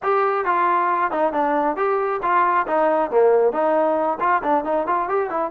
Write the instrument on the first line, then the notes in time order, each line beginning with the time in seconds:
trombone
0.02 G4
0.45 F4
1.11 D#4
1.32 D4
1.76 G4
2.22 F4
2.67 D#4
3.10 A#3
3.52 D#4
4.20 F4
4.43 D4
4.64 D#4
4.86 F4
5.08 G4
5.29 E4